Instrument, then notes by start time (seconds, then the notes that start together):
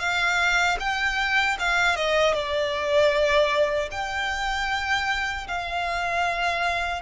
violin
0.00 F5
0.80 G5
1.59 F5
1.96 D#5
2.33 D5
3.91 G5
5.48 F5